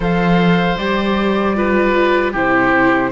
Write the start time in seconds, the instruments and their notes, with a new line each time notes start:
0.00 cello F3, viola A4, oboe C5, flute F5
0.77 cello G3, viola G4, flute D5
1.55 viola F4, oboe B4
2.32 cello C3, viola E4, oboe G4, flute C5